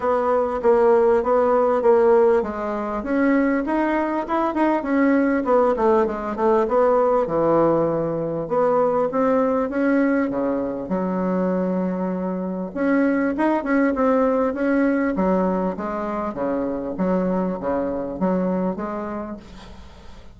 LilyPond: \new Staff \with { instrumentName = "bassoon" } { \time 4/4 \tempo 4 = 99 b4 ais4 b4 ais4 | gis4 cis'4 dis'4 e'8 dis'8 | cis'4 b8 a8 gis8 a8 b4 | e2 b4 c'4 |
cis'4 cis4 fis2~ | fis4 cis'4 dis'8 cis'8 c'4 | cis'4 fis4 gis4 cis4 | fis4 cis4 fis4 gis4 | }